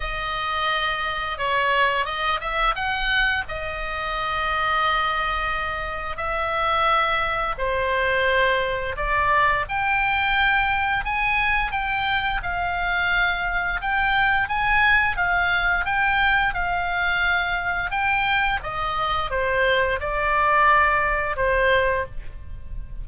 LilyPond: \new Staff \with { instrumentName = "oboe" } { \time 4/4 \tempo 4 = 87 dis''2 cis''4 dis''8 e''8 | fis''4 dis''2.~ | dis''4 e''2 c''4~ | c''4 d''4 g''2 |
gis''4 g''4 f''2 | g''4 gis''4 f''4 g''4 | f''2 g''4 dis''4 | c''4 d''2 c''4 | }